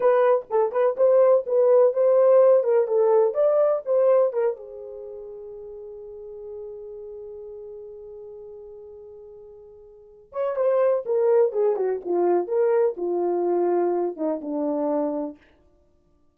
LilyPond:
\new Staff \with { instrumentName = "horn" } { \time 4/4 \tempo 4 = 125 b'4 a'8 b'8 c''4 b'4 | c''4. ais'8 a'4 d''4 | c''4 ais'8 gis'2~ gis'8~ | gis'1~ |
gis'1~ | gis'4. cis''8 c''4 ais'4 | gis'8 fis'8 f'4 ais'4 f'4~ | f'4. dis'8 d'2 | }